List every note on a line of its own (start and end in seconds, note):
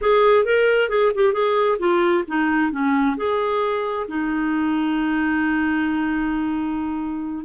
0.01 0.44 G#4
0.44 0.89 A#4
0.89 1.12 G#4
1.14 1.33 G4
1.33 1.78 G#4
1.79 2.24 F4
2.27 2.71 D#4
2.71 3.16 C#4
3.16 4.06 G#4
4.08 7.45 D#4